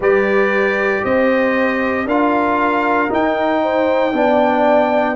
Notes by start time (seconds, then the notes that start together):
0.00 G3 G4 B4 D5
1.03 C4 C5 D#5
2.05 D4 F4 A#4 F5
3.09 D#4 G5
3.62 C5
4.12 B3 D4 D5